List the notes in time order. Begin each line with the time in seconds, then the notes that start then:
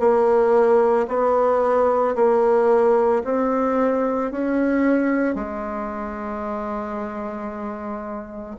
0.00 A#3
1.09 B3
2.16 A#3
3.25 C4
4.32 C#4
5.36 G#3